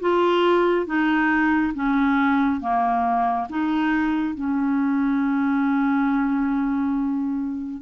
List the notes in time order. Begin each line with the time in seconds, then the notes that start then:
0.00 F4
0.86 D#4
1.74 C#4
2.60 A#3
3.49 D#4
4.34 C#4